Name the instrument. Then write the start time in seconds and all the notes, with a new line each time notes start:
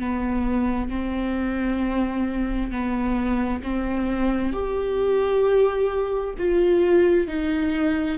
viola
0.00 B3
0.90 C4
2.71 B3
3.64 C4
4.53 G4
6.38 F4
7.28 D#4